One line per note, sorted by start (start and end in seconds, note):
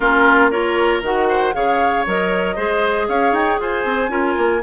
0.00 1.02 A#3
0.00 0.51 C#4
0.00 0.50 F4
0.00 0.49 A#4
0.50 1.03 F4
0.50 1.27 A#4
0.50 1.02 C#5
1.02 1.53 D#3
1.02 1.53 F#4
1.02 1.54 F#5
1.29 1.54 C5
1.53 2.06 C#3
1.53 2.04 G#4
1.53 2.55 C#5
1.53 2.05 F5
2.06 2.57 F#3
2.06 2.56 A#4
2.06 3.09 D#5
2.55 3.08 G#3
2.55 4.09 G#4
2.55 3.06 C5
3.08 3.31 C#4
3.08 3.60 C#5
3.08 3.34 F5
3.31 3.57 D#4
3.31 3.59 G5
3.59 3.84 F4
3.59 4.11 C5
3.59 4.62 G#5
3.84 4.08 C4
4.08 4.34 C#4
4.08 4.60 F4
4.08 4.62 A#4
4.37 4.62 A#3